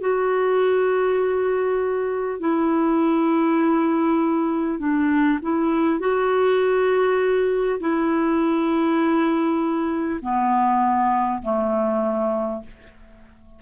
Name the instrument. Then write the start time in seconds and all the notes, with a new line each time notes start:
clarinet
0.00 F#4
2.39 E4
4.78 D4
5.42 E4
5.99 F#4
7.79 E4
10.21 B3
11.42 A3